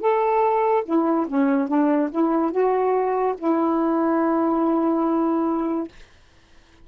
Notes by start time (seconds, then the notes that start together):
0.00 A4
0.85 E4
1.27 C#4
1.67 D4
2.11 E4
2.51 F#4
3.37 E4